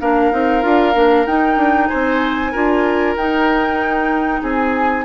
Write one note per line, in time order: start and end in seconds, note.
0.00 0.32 A#3
0.00 0.31 D4
0.00 1.89 A#4
0.00 1.26 F5
0.31 0.64 C4
0.31 0.61 D#4
0.61 0.95 D4
0.61 0.93 F4
0.94 1.26 A#3
0.94 1.26 D4
1.26 1.56 D#4
1.26 2.53 D#4
1.26 1.87 G5
1.56 1.88 D4
1.87 2.55 C4
1.87 2.51 C5
1.87 3.14 G#5
2.51 3.16 D4
2.51 3.16 F4
2.51 4.41 A#4
3.16 4.42 D#4
3.16 5.05 D#4
3.16 4.43 G5
4.42 5.05 C4
4.42 5.05 G#4
4.42 5.05 G#5